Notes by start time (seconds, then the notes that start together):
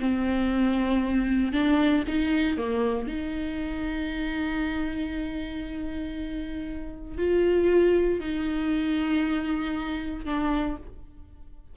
0.00 C4
1.53 D4
2.08 D#4
2.58 A#3
3.07 D#4
7.18 F4
8.20 D#4
10.25 D4